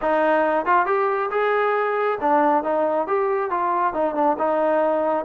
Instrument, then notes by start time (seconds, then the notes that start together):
trombone
0.01 D#4
0.65 F4
0.86 G4
1.30 G#4
2.21 D4
2.63 D#4
3.07 G4
3.50 F4
3.93 D#4
4.14 D4
4.38 D#4